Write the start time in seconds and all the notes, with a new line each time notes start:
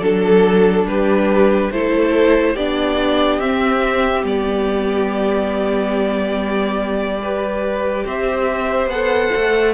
0.00 F#3 D4 A4
0.85 G3 G4 B4
1.72 A3 E4 A4 C5
2.54 B3 D4 G4 D5
3.40 C4 E5
4.24 G3 B3 D5
7.23 G4 B4
8.05 C4 C5 E5
8.87 B3 A4 F#5
9.36 A3